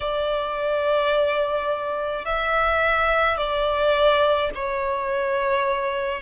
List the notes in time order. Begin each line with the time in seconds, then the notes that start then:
0.00 D5
2.25 E5
3.37 D5
4.54 C#5